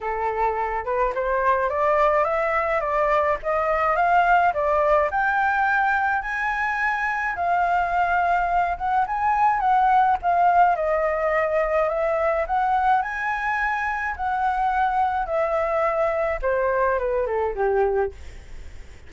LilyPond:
\new Staff \with { instrumentName = "flute" } { \time 4/4 \tempo 4 = 106 a'4. b'8 c''4 d''4 | e''4 d''4 dis''4 f''4 | d''4 g''2 gis''4~ | gis''4 f''2~ f''8 fis''8 |
gis''4 fis''4 f''4 dis''4~ | dis''4 e''4 fis''4 gis''4~ | gis''4 fis''2 e''4~ | e''4 c''4 b'8 a'8 g'4 | }